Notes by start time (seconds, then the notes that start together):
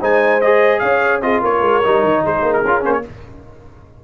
0.00 G#3 D#4 C5 G#5
0.41 G#4 D#5
0.79 C#4 C#5 F5
1.21 C4 F4 G#4 D#5
1.41 A#3 A#4 C#5
1.60 G#3
1.83 G3 D#4
2.03 D#3
2.23 G#3 G#4 C5
2.42 A#3
2.53 A#4
2.64 C#4 F4
2.81 A#3 C#4 C5
2.92 C#5